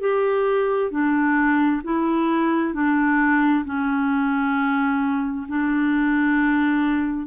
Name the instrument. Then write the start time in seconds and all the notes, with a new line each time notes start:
clarinet
0.00 G4
0.91 D4
1.83 E4
2.74 D4
3.65 C#4
5.48 D4